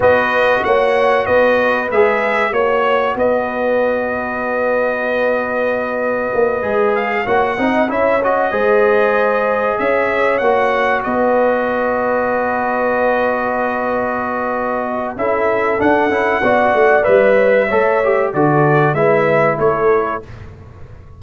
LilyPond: <<
  \new Staff \with { instrumentName = "trumpet" } { \time 4/4 \tempo 4 = 95 dis''4 fis''4 dis''4 e''4 | cis''4 dis''2.~ | dis''2. f''8 fis''8~ | fis''8 e''8 dis''2~ dis''8 e''8~ |
e''8 fis''4 dis''2~ dis''8~ | dis''1 | e''4 fis''2 e''4~ | e''4 d''4 e''4 cis''4 | }
  \new Staff \with { instrumentName = "horn" } { \time 4/4 b'4 cis''4 b'2 | cis''4 b'2.~ | b'2.~ b'8 cis''8 | dis''8 cis''4 c''2 cis''8~ |
cis''4. b'2~ b'8~ | b'1 | a'2 d''4. cis''16 b'16 | cis''4 a'4 b'4 a'4 | }
  \new Staff \with { instrumentName = "trombone" } { \time 4/4 fis'2. gis'4 | fis'1~ | fis'2~ fis'8 gis'4 fis'8 | dis'8 e'8 fis'8 gis'2~ gis'8~ |
gis'8 fis'2.~ fis'8~ | fis'1 | e'4 d'8 e'8 fis'4 b'4 | a'8 g'8 fis'4 e'2 | }
  \new Staff \with { instrumentName = "tuba" } { \time 4/4 b4 ais4 b4 gis4 | ais4 b2.~ | b2 ais8 gis4 ais8 | c'8 cis'4 gis2 cis'8~ |
cis'8 ais4 b2~ b8~ | b1 | cis'4 d'8 cis'8 b8 a8 g4 | a4 d4 gis4 a4 | }
>>